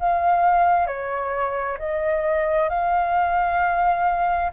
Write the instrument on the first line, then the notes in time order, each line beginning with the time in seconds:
flute
0.00 F5
0.87 C#5
1.79 D#5
2.69 F5